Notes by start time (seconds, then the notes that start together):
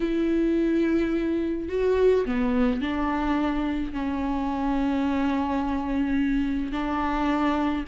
0.00 E4
1.68 F#4
2.25 B3
2.81 D4
3.93 C#4
6.72 D4